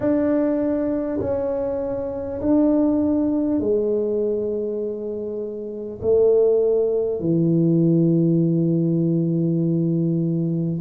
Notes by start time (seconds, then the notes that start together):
0.00 D4
1.20 C#4
2.41 D4
3.59 G#3
6.01 A3
7.20 E3